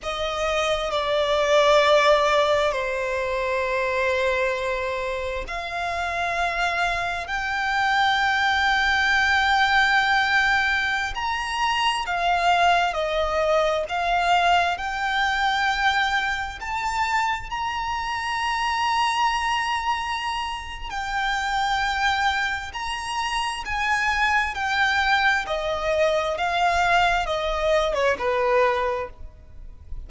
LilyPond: \new Staff \with { instrumentName = "violin" } { \time 4/4 \tempo 4 = 66 dis''4 d''2 c''4~ | c''2 f''2 | g''1~ | g''16 ais''4 f''4 dis''4 f''8.~ |
f''16 g''2 a''4 ais''8.~ | ais''2. g''4~ | g''4 ais''4 gis''4 g''4 | dis''4 f''4 dis''8. cis''16 b'4 | }